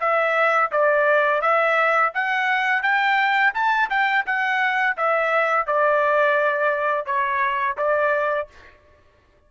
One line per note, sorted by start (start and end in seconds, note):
0.00 0.71 E5
0.71 1.41 D5
1.41 2.12 E5
2.14 2.82 F#5
2.82 3.53 G5
3.54 3.89 A5
3.90 4.25 G5
4.26 4.96 F#5
4.97 5.66 E5
5.66 7.06 D5
7.06 7.76 C#5
7.77 8.48 D5